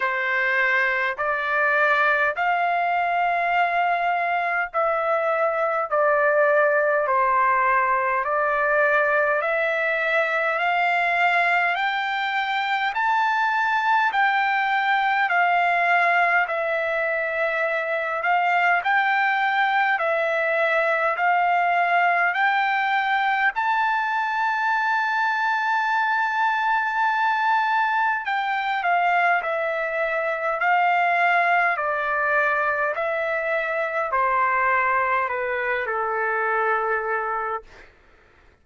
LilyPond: \new Staff \with { instrumentName = "trumpet" } { \time 4/4 \tempo 4 = 51 c''4 d''4 f''2 | e''4 d''4 c''4 d''4 | e''4 f''4 g''4 a''4 | g''4 f''4 e''4. f''8 |
g''4 e''4 f''4 g''4 | a''1 | g''8 f''8 e''4 f''4 d''4 | e''4 c''4 b'8 a'4. | }